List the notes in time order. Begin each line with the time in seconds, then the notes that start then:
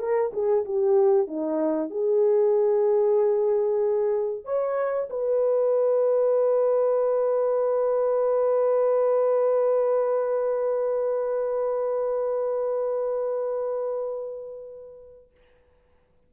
0.00 A#4
0.33 G#4
0.66 G4
1.28 D#4
1.91 G#4
4.45 C#5
5.10 B4